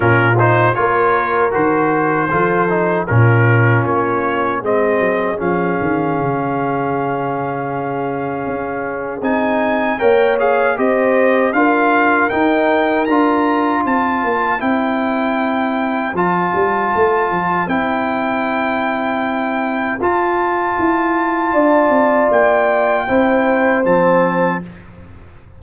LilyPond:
<<
  \new Staff \with { instrumentName = "trumpet" } { \time 4/4 \tempo 4 = 78 ais'8 c''8 cis''4 c''2 | ais'4 cis''4 dis''4 f''4~ | f''1 | gis''4 g''8 f''8 dis''4 f''4 |
g''4 ais''4 a''4 g''4~ | g''4 a''2 g''4~ | g''2 a''2~ | a''4 g''2 a''4 | }
  \new Staff \with { instrumentName = "horn" } { \time 4/4 f'4 ais'2 a'4 | f'2 gis'2~ | gis'1~ | gis'4 cis''4 c''4 ais'4~ |
ais'2 c''2~ | c''1~ | c''1 | d''2 c''2 | }
  \new Staff \with { instrumentName = "trombone" } { \time 4/4 cis'8 dis'8 f'4 fis'4 f'8 dis'8 | cis'2 c'4 cis'4~ | cis'1 | dis'4 ais'8 gis'8 g'4 f'4 |
dis'4 f'2 e'4~ | e'4 f'2 e'4~ | e'2 f'2~ | f'2 e'4 c'4 | }
  \new Staff \with { instrumentName = "tuba" } { \time 4/4 ais,4 ais4 dis4 f4 | ais,4 ais4 gis8 fis8 f8 dis8 | cis2. cis'4 | c'4 ais4 c'4 d'4 |
dis'4 d'4 c'8 ais8 c'4~ | c'4 f8 g8 a8 f8 c'4~ | c'2 f'4 e'4 | d'8 c'8 ais4 c'4 f4 | }
>>